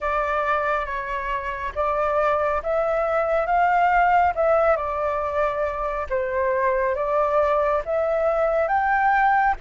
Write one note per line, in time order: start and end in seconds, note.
0.00 0.85 D5
0.85 1.72 C#5
1.75 2.62 D5
2.62 3.46 E5
3.46 4.33 F5
4.35 4.76 E5
4.76 6.06 D5
6.09 6.95 C5
6.95 7.82 D5
7.85 8.68 E5
8.68 9.55 G5